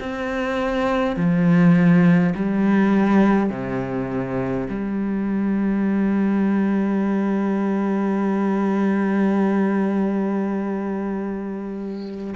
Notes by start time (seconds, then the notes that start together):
0.00 C4
1.17 F3
2.36 G3
3.50 C3
4.70 G3